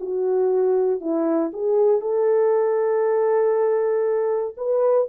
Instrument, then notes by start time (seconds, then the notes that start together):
horn
0.00 F#4
1.00 E4
1.53 G#4
2.01 A4
4.57 B4